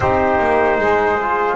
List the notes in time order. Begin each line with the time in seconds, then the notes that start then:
0.00 C4 D#4 G4 C5
0.39 A#3
0.77 G#3 G#4
1.21 F4